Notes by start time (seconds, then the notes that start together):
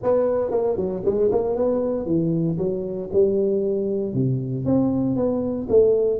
0.03 B3
0.50 A#3
0.76 F#3
1.05 G#3
1.31 A#3
1.55 B3
2.05 E3
2.57 F#3
3.12 G3
4.13 C3
4.65 C4
5.16 B3
5.69 A3